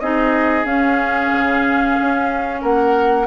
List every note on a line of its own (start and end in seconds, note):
0.00 0.65 C4
0.00 0.65 D#4
0.00 2.61 G#4
0.00 0.65 D#5
0.65 1.30 C#4
0.65 3.26 C#4
0.65 2.62 F5
1.32 1.97 C#3
2.01 2.63 C#4
2.61 3.27 A#3
2.61 3.26 A#4
2.61 3.27 F#5